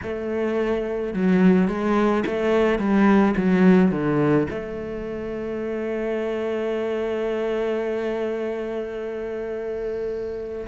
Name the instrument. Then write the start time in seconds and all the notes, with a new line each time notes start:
cello
0.02 A3
1.13 F#3
1.67 G#3
2.26 A3
2.78 G3
3.36 F#3
3.91 D3
4.50 A3